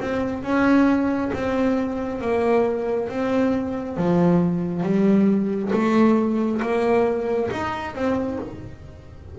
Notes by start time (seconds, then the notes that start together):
0.00 C4
0.43 C#4
1.33 C4
2.21 A#3
3.09 C4
3.97 F3
4.83 G3
5.72 A3
6.62 A#3
7.51 D#4
7.95 C4